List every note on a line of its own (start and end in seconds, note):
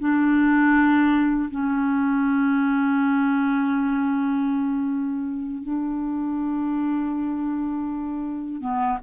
0.00 1.50 D4
1.51 5.63 C#4
5.63 8.61 D4
8.61 8.99 B3